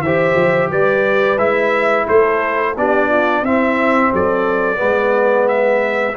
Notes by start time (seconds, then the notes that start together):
0.00 E3 G4 C5 E5
0.35 F3
0.70 G3 B4 D5
1.37 G#3 E4 E5
2.06 A3 A4 C5
2.76 B3 D4 G4 D5
3.09 F4
3.41 C4 E4 E5
4.12 F#3 A4 D5
4.75 G#3 B3 B4
5.48 E5